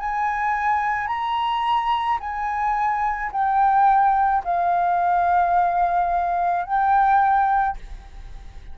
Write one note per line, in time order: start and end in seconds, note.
0.00 1.08 G#5
1.08 2.19 A#5
2.20 3.31 G#5
3.32 4.43 G5
4.44 6.66 F5
6.66 7.77 G5